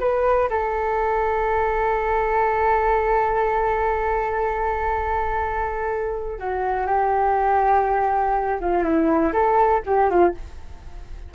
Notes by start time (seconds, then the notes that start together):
0.00 B4
0.50 A4
6.39 F#4
6.87 G4
8.60 F4
8.83 E4
9.33 A4
9.86 G4
10.10 F4